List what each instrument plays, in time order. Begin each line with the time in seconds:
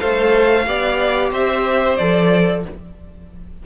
0.00 cello A3, viola A4, violin C5 F5
0.67 cello B3, viola G4, violin D5
1.31 cello C4, violin C5 E5
1.97 cello F3, viola A4, violin D5